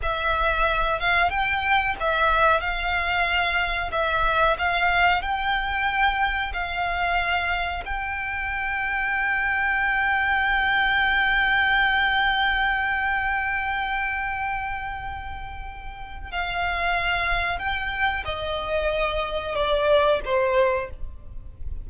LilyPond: \new Staff \with { instrumentName = "violin" } { \time 4/4 \tempo 4 = 92 e''4. f''8 g''4 e''4 | f''2 e''4 f''4 | g''2 f''2 | g''1~ |
g''1~ | g''1~ | g''4 f''2 g''4 | dis''2 d''4 c''4 | }